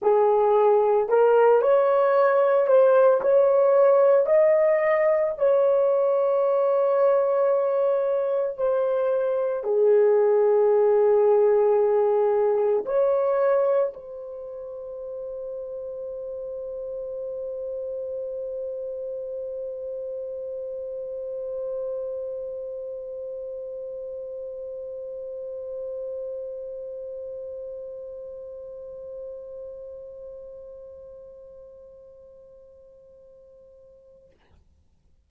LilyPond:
\new Staff \with { instrumentName = "horn" } { \time 4/4 \tempo 4 = 56 gis'4 ais'8 cis''4 c''8 cis''4 | dis''4 cis''2. | c''4 gis'2. | cis''4 c''2.~ |
c''1~ | c''1~ | c''1~ | c''1 | }